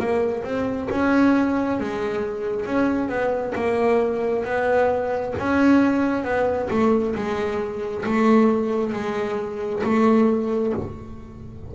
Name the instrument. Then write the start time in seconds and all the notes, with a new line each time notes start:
double bass
0.00 A#3
0.44 C4
0.91 C#4
1.80 G#3
2.66 C#4
3.09 B3
3.55 A#3
4.45 B3
5.39 C#4
6.25 B3
6.70 A3
7.16 G#3
8.06 A3
8.93 G#3
9.84 A3